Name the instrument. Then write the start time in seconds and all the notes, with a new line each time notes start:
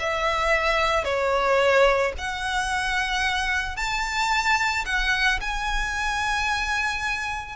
violin
0.00 E5
1.05 C#5
2.18 F#5
3.77 A5
4.86 F#5
5.41 G#5